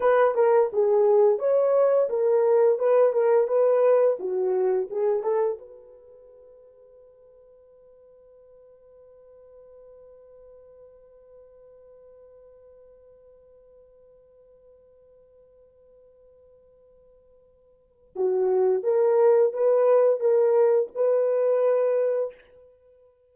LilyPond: \new Staff \with { instrumentName = "horn" } { \time 4/4 \tempo 4 = 86 b'8 ais'8 gis'4 cis''4 ais'4 | b'8 ais'8 b'4 fis'4 gis'8 a'8 | b'1~ | b'1~ |
b'1~ | b'1~ | b'2 fis'4 ais'4 | b'4 ais'4 b'2 | }